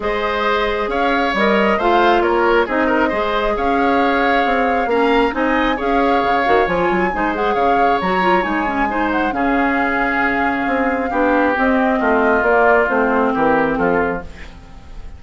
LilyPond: <<
  \new Staff \with { instrumentName = "flute" } { \time 4/4 \tempo 4 = 135 dis''2 f''4 dis''4 | f''4 cis''4 dis''2 | f''2. ais''4 | gis''4 f''2 gis''4~ |
gis''8 fis''8 f''4 ais''4 gis''4~ | gis''8 fis''8 f''2.~ | f''2 dis''2 | d''4 c''4 ais'4 a'4 | }
  \new Staff \with { instrumentName = "oboe" } { \time 4/4 c''2 cis''2 | c''4 ais'4 gis'8 ais'8 c''4 | cis''2. f''4 | dis''4 cis''2. |
c''4 cis''2. | c''4 gis'2.~ | gis'4 g'2 f'4~ | f'2 g'4 f'4 | }
  \new Staff \with { instrumentName = "clarinet" } { \time 4/4 gis'2. ais'4 | f'2 dis'4 gis'4~ | gis'2. cis'4 | dis'4 gis'4. fis'8 f'4 |
dis'8 gis'4. fis'8 f'8 dis'8 cis'8 | dis'4 cis'2.~ | cis'4 d'4 c'2 | ais4 c'2. | }
  \new Staff \with { instrumentName = "bassoon" } { \time 4/4 gis2 cis'4 g4 | a4 ais4 c'4 gis4 | cis'2 c'4 ais4 | c'4 cis'4 cis8 dis8 f8 fis8 |
gis4 cis4 fis4 gis4~ | gis4 cis2. | c'4 b4 c'4 a4 | ais4 a4 e4 f4 | }
>>